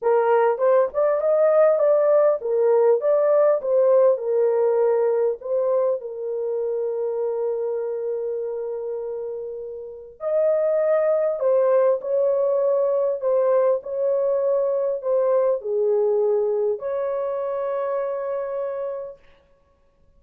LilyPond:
\new Staff \with { instrumentName = "horn" } { \time 4/4 \tempo 4 = 100 ais'4 c''8 d''8 dis''4 d''4 | ais'4 d''4 c''4 ais'4~ | ais'4 c''4 ais'2~ | ais'1~ |
ais'4 dis''2 c''4 | cis''2 c''4 cis''4~ | cis''4 c''4 gis'2 | cis''1 | }